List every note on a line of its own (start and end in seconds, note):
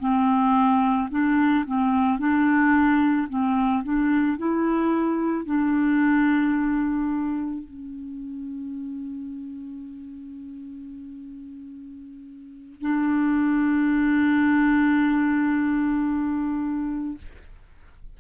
0.00 1.09 C4
1.11 1.65 D4
1.66 2.19 C4
2.19 3.28 D4
3.29 3.84 C4
3.84 4.38 D4
4.38 5.46 E4
5.46 7.64 D4
7.64 12.81 C#4
12.81 17.18 D4